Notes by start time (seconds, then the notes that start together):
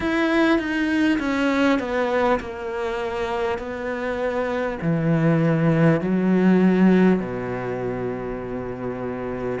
0.00 E4
0.58 D#4
1.19 C#4
1.79 B3
2.40 A#3
3.58 B3
4.81 E3
6.00 F#3
7.19 B2